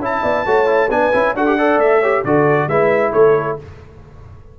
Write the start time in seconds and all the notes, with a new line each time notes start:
0.00 C#4 E4 E5 A5
0.23 B3 D5
0.46 A3 F#4 C#5
0.67 E4
0.90 B3 D4 B4 G#5
1.13 C#4 E4
1.34 D4 F#4 A4 F#5
1.47 G4
1.58 A4 D5
1.78 A3 E5
2.00 G4 C#5
2.25 D3 F#4 A4 D5
2.68 G#3 E4 B4 E5
3.12 A3 A4 C#5